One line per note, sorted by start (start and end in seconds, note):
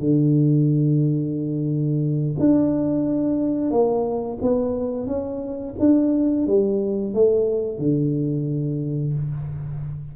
0.00 2.36 D3
2.39 3.71 D4
3.71 4.38 A#3
4.42 5.07 B3
5.07 5.75 C#4
5.79 6.47 D4
6.47 7.14 G3
7.14 7.79 A3
7.79 9.13 D3